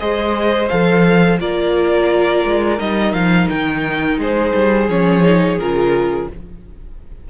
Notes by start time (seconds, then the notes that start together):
0.00 G#3 G#4 C5 D#5
0.69 F3 A4 F5
1.39 A#3 F4 A#4 D5
2.45 G#3
2.78 G3 D#4 D#5
3.14 F3 F5
3.50 D#3 G5
4.18 G#3 G#4 C5
4.55 G3
4.89 F3 C#4 C#5
5.23 D#4
5.59 C#3 F4 A#4